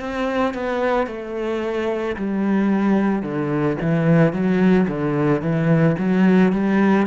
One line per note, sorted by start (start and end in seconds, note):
0.00 0.54 C4
0.54 1.07 B3
1.07 2.16 A3
2.17 3.23 G3
3.23 3.77 D3
3.82 4.33 E3
4.33 4.87 F#3
4.88 5.42 D3
5.42 5.97 E3
5.99 6.53 F#3
6.53 7.07 G3